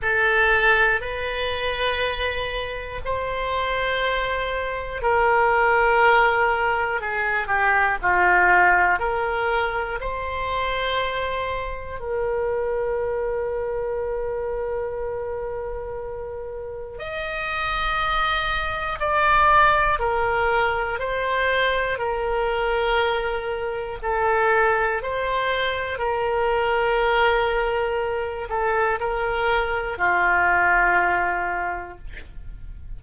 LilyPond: \new Staff \with { instrumentName = "oboe" } { \time 4/4 \tempo 4 = 60 a'4 b'2 c''4~ | c''4 ais'2 gis'8 g'8 | f'4 ais'4 c''2 | ais'1~ |
ais'4 dis''2 d''4 | ais'4 c''4 ais'2 | a'4 c''4 ais'2~ | ais'8 a'8 ais'4 f'2 | }